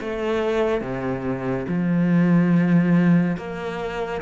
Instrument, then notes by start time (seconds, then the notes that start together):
cello
0.00 A3
0.81 C3
1.68 F3
3.37 A#3